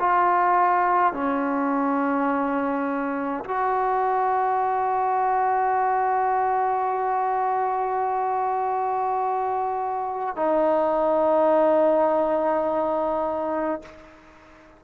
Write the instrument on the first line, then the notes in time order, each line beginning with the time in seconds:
trombone
0.00 F4
1.14 C#4
3.45 F#4
10.36 D#4